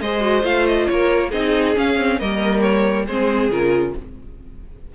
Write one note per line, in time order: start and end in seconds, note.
0.00 0.43 G#3
0.00 0.20 G#4
0.00 0.89 C5
0.00 0.44 D#5
0.20 0.42 F#4
0.43 0.87 A3
0.43 1.30 F4
0.43 0.66 F5
0.67 0.87 D#5
0.87 1.32 A#3
0.87 1.30 A#4
0.87 1.31 C#5
1.30 1.76 C4
1.30 1.76 D#4
1.30 2.17 G#4
1.30 1.75 D#5
1.76 1.97 C#4
1.76 2.20 C#4
1.76 2.19 F5
1.97 2.19 C4
2.19 3.07 G3
2.19 3.06 A#3
2.19 3.05 A#4
2.19 2.60 D#5
2.60 3.04 C#5
3.05 3.49 G#3
3.05 3.51 C4
3.05 3.93 G#4
3.05 3.50 C5
3.49 3.93 C#3
3.49 3.95 F4
3.49 3.95 A#4